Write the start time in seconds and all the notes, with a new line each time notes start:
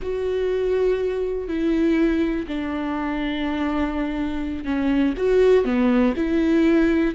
0.02 F#4
1.48 E4
2.47 D4
4.65 C#4
5.17 F#4
5.64 B3
6.16 E4